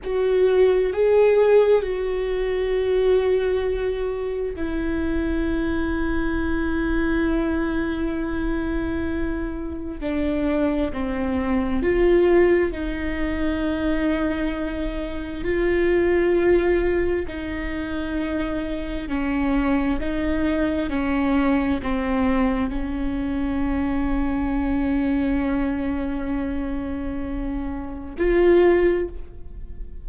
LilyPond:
\new Staff \with { instrumentName = "viola" } { \time 4/4 \tempo 4 = 66 fis'4 gis'4 fis'2~ | fis'4 e'2.~ | e'2. d'4 | c'4 f'4 dis'2~ |
dis'4 f'2 dis'4~ | dis'4 cis'4 dis'4 cis'4 | c'4 cis'2.~ | cis'2. f'4 | }